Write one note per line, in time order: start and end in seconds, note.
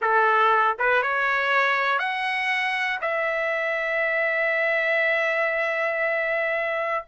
0.01 0.77 A4
0.78 1.02 B4
1.02 1.98 C#5
1.98 2.99 F#5
3.01 7.04 E5